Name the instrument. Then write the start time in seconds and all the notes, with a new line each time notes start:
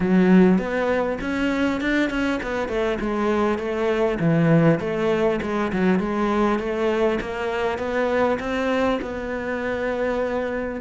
cello
0.00 F#3
0.58 B3
1.20 C#4
1.80 D4
2.10 C#4
2.42 B3
2.68 A3
3.00 G#3
3.58 A3
4.19 E3
4.79 A3
5.41 G#3
5.72 F#3
5.99 G#3
6.59 A3
7.20 A#3
7.78 B3
8.39 C4
9.01 B3